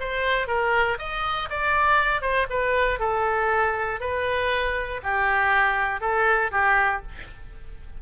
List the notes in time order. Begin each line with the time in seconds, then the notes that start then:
0.00 C5
0.48 A#4
0.99 D#5
1.50 D5
2.22 C5
2.50 B4
3.00 A4
4.00 B4
5.03 G4
6.01 A4
6.52 G4